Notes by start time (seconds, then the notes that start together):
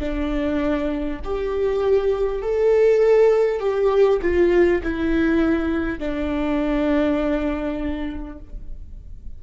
0.00 D4
1.24 G4
2.42 A4
3.60 G4
4.22 F4
4.83 E4
5.99 D4